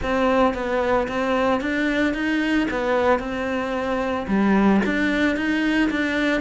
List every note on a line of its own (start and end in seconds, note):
0.02 0.54 C4
0.54 1.07 B3
1.08 1.60 C4
1.60 2.14 D4
2.14 2.67 D#4
2.71 3.19 B3
3.19 4.26 C4
4.27 4.81 G3
4.85 5.36 D4
5.36 5.90 D#4
5.90 6.41 D4